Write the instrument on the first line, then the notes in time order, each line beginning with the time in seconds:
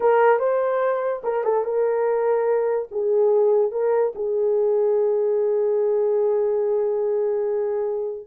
horn
0.00 A#4
0.39 C5
1.23 A#4
1.44 A4
1.64 A#4
2.91 G#4
3.71 A#4
4.15 G#4